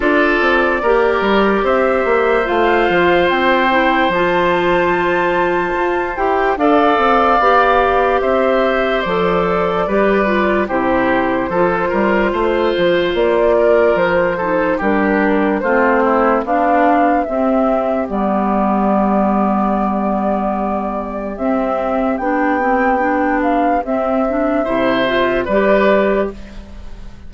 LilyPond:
<<
  \new Staff \with { instrumentName = "flute" } { \time 4/4 \tempo 4 = 73 d''2 e''4 f''4 | g''4 a''2~ a''8 g''8 | f''2 e''4 d''4~ | d''4 c''2. |
d''4 c''4 ais'4 c''4 | f''4 e''4 d''2~ | d''2 e''4 g''4~ | g''8 f''8 e''2 d''4 | }
  \new Staff \with { instrumentName = "oboe" } { \time 4/4 a'4 ais'4 c''2~ | c''1 | d''2 c''2 | b'4 g'4 a'8 ais'8 c''4~ |
c''8 ais'4 a'8 g'4 f'8 e'8 | d'4 g'2.~ | g'1~ | g'2 c''4 b'4 | }
  \new Staff \with { instrumentName = "clarinet" } { \time 4/4 f'4 g'2 f'4~ | f'8 e'8 f'2~ f'8 g'8 | a'4 g'2 a'4 | g'8 f'8 e'4 f'2~ |
f'4. dis'8 d'4 c'4 | d'4 c'4 b2~ | b2 c'4 d'8 c'8 | d'4 c'8 d'8 e'8 f'8 g'4 | }
  \new Staff \with { instrumentName = "bassoon" } { \time 4/4 d'8 c'8 ais8 g8 c'8 ais8 a8 f8 | c'4 f2 f'8 e'8 | d'8 c'8 b4 c'4 f4 | g4 c4 f8 g8 a8 f8 |
ais4 f4 g4 a4 | b4 c'4 g2~ | g2 c'4 b4~ | b4 c'4 c4 g4 | }
>>